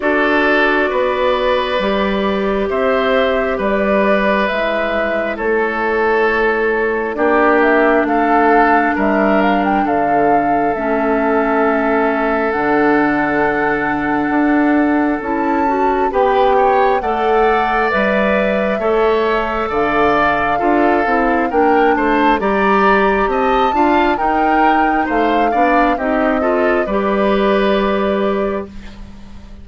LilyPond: <<
  \new Staff \with { instrumentName = "flute" } { \time 4/4 \tempo 4 = 67 d''2. e''4 | d''4 e''4 cis''2 | d''8 e''8 f''4 e''8 f''16 g''16 f''4 | e''2 fis''2~ |
fis''4 a''4 g''4 fis''4 | e''2 f''2 | g''8 a''8 ais''4 a''4 g''4 | f''4 dis''4 d''2 | }
  \new Staff \with { instrumentName = "oboe" } { \time 4/4 a'4 b'2 c''4 | b'2 a'2 | g'4 a'4 ais'4 a'4~ | a'1~ |
a'2 b'8 cis''8 d''4~ | d''4 cis''4 d''4 a'4 | ais'8 c''8 d''4 dis''8 f''8 ais'4 | c''8 d''8 g'8 a'8 b'2 | }
  \new Staff \with { instrumentName = "clarinet" } { \time 4/4 fis'2 g'2~ | g'4 e'2. | d'1 | cis'2 d'2~ |
d'4 e'8 fis'8 g'4 a'4 | b'4 a'2 f'8 e'8 | d'4 g'4. f'8 dis'4~ | dis'8 d'8 dis'8 f'8 g'2 | }
  \new Staff \with { instrumentName = "bassoon" } { \time 4/4 d'4 b4 g4 c'4 | g4 gis4 a2 | ais4 a4 g4 d4 | a2 d2 |
d'4 cis'4 b4 a4 | g4 a4 d4 d'8 c'8 | ais8 a8 g4 c'8 d'8 dis'4 | a8 b8 c'4 g2 | }
>>